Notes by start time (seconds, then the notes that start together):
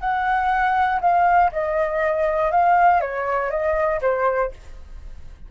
0.00 F#5
1.00 F5
1.52 D#5
2.51 F5
3.00 C#5
3.50 D#5
4.01 C5